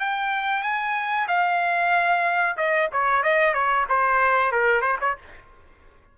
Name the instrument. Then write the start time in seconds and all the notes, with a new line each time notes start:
trumpet
0.00 G5
0.63 G#5
1.28 F5
2.57 D#5
2.92 C#5
3.23 D#5
3.54 C#5
3.89 C5
4.52 A#4
4.82 C5
5.01 C#5